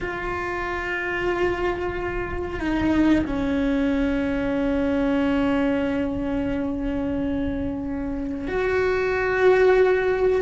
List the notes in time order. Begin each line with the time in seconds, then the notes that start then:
0.00 F4
2.60 D#4
3.26 C#4
8.47 F#4